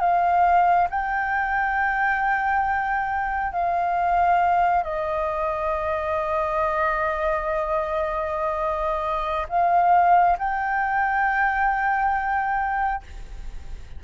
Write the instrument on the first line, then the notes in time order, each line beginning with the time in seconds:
flute
0.00 F5
0.90 G5
3.52 F5
4.84 D#5
9.49 F5
10.38 G5